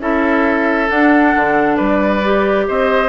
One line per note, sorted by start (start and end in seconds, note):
0.00 0.89 C#4
0.00 0.89 E4
0.00 1.76 A4
0.00 0.89 E5
0.89 1.34 D4
0.89 2.23 D4
0.89 1.76 F#5
1.36 1.79 D3
1.76 2.68 G3
1.76 2.65 B4
1.76 2.65 D5
2.23 3.09 G4
2.68 3.09 C4
2.68 3.09 C5
2.68 3.09 D#5